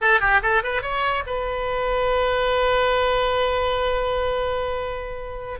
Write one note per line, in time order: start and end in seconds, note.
0.01 0.20 A4
0.20 0.40 G4
0.42 0.62 A4
0.63 0.82 B4
0.82 1.23 C#5
1.26 5.59 B4